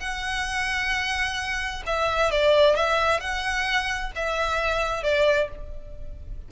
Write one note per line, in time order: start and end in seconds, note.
0.00 1.83 F#5
1.86 2.31 E5
2.31 2.76 D5
2.76 3.20 E5
3.20 4.12 F#5
4.16 5.03 E5
5.03 5.49 D5